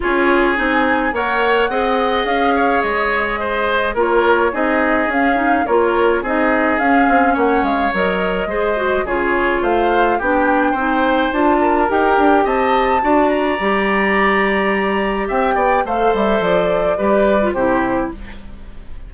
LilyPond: <<
  \new Staff \with { instrumentName = "flute" } { \time 4/4 \tempo 4 = 106 cis''4 gis''4 fis''2 | f''4 dis''2 cis''4 | dis''4 f''4 cis''4 dis''4 | f''4 fis''8 f''8 dis''2 |
cis''4 f''4 g''2 | a''4 g''4 a''4. ais''8~ | ais''2. g''4 | f''8 e''8 d''2 c''4 | }
  \new Staff \with { instrumentName = "oboe" } { \time 4/4 gis'2 cis''4 dis''4~ | dis''8 cis''4. c''4 ais'4 | gis'2 ais'4 gis'4~ | gis'4 cis''2 c''4 |
gis'4 c''4 g'4 c''4~ | c''8 ais'4. dis''4 d''4~ | d''2. e''8 d''8 | c''2 b'4 g'4 | }
  \new Staff \with { instrumentName = "clarinet" } { \time 4/4 f'4 dis'4 ais'4 gis'4~ | gis'2. f'4 | dis'4 cis'8 dis'8 f'4 dis'4 | cis'2 ais'4 gis'8 fis'8 |
f'2 d'4 dis'4 | f'4 g'2 fis'4 | g'1 | a'2 g'8. f'16 e'4 | }
  \new Staff \with { instrumentName = "bassoon" } { \time 4/4 cis'4 c'4 ais4 c'4 | cis'4 gis2 ais4 | c'4 cis'4 ais4 c'4 | cis'8 c'8 ais8 gis8 fis4 gis4 |
cis4 a4 b4 c'4 | d'4 dis'8 d'8 c'4 d'4 | g2. c'8 b8 | a8 g8 f4 g4 c4 | }
>>